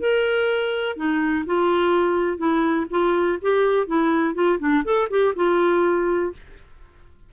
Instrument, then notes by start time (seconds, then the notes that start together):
clarinet
0.00 A#4
0.97 D#4
1.46 F4
2.38 E4
2.91 F4
3.42 G4
3.87 E4
4.35 F4
4.59 D4
4.85 A4
5.10 G4
5.36 F4